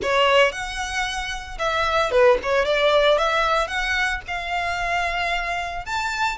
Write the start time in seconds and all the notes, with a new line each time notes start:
0.02 C#5
0.51 F#5
1.58 E5
2.11 B4
2.42 C#5
2.65 D5
3.18 E5
3.67 F#5
4.27 F5
5.86 A5